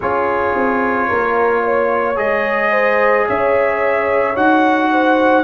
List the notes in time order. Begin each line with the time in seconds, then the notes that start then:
0.00 C#4 F4 G#4 C#5
0.55 C4
1.08 A#3 A#4
1.63 C#5
2.15 G#3 G#4 D#5
2.71 C5
3.27 C#4 C#5 E5
4.35 D#4 F#4 F#5
4.91 C5